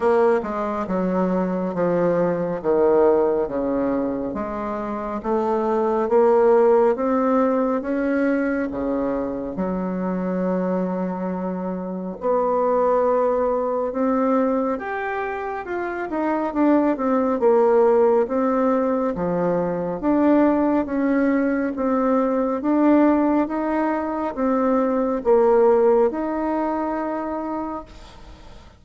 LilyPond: \new Staff \with { instrumentName = "bassoon" } { \time 4/4 \tempo 4 = 69 ais8 gis8 fis4 f4 dis4 | cis4 gis4 a4 ais4 | c'4 cis'4 cis4 fis4~ | fis2 b2 |
c'4 g'4 f'8 dis'8 d'8 c'8 | ais4 c'4 f4 d'4 | cis'4 c'4 d'4 dis'4 | c'4 ais4 dis'2 | }